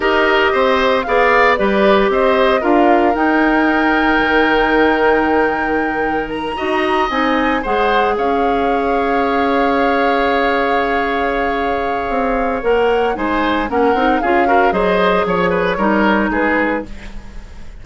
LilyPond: <<
  \new Staff \with { instrumentName = "flute" } { \time 4/4 \tempo 4 = 114 dis''2 f''4 d''4 | dis''4 f''4 g''2~ | g''1 | ais''4. gis''4 fis''4 f''8~ |
f''1~ | f''1 | fis''4 gis''4 fis''4 f''4 | dis''4 cis''2 b'4 | }
  \new Staff \with { instrumentName = "oboe" } { \time 4/4 ais'4 c''4 d''4 b'4 | c''4 ais'2.~ | ais'1~ | ais'8 dis''2 c''4 cis''8~ |
cis''1~ | cis''1~ | cis''4 c''4 ais'4 gis'8 ais'8 | c''4 cis''8 b'8 ais'4 gis'4 | }
  \new Staff \with { instrumentName = "clarinet" } { \time 4/4 g'2 gis'4 g'4~ | g'4 f'4 dis'2~ | dis'1~ | dis'8 fis'4 dis'4 gis'4.~ |
gis'1~ | gis'1 | ais'4 dis'4 cis'8 dis'8 f'8 fis'8 | gis'2 dis'2 | }
  \new Staff \with { instrumentName = "bassoon" } { \time 4/4 dis'4 c'4 b4 g4 | c'4 d'4 dis'2 | dis1~ | dis8 dis'4 c'4 gis4 cis'8~ |
cis'1~ | cis'2. c'4 | ais4 gis4 ais8 c'8 cis'4 | fis4 f4 g4 gis4 | }
>>